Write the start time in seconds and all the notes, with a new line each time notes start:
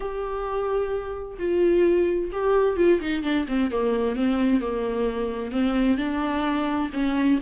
0.00 G4
1.38 F4
2.31 G4
2.76 F4
3.00 D#4
3.23 D4
3.48 C4
3.71 A#3
4.16 C4
4.60 A#3
5.51 C4
5.97 D4
6.93 C#4